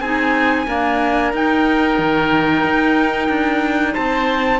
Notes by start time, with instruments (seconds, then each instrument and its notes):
0.00 cello C4, clarinet D#4, oboe G#4, trumpet G#5
0.67 clarinet A#3, cello D4, oboe A#4
1.33 cello D#4, clarinet D#4, trumpet G5
1.99 cello D#3
2.64 cello D#4
3.29 cello D4
3.93 cello C4, oboe C5, trumpet A5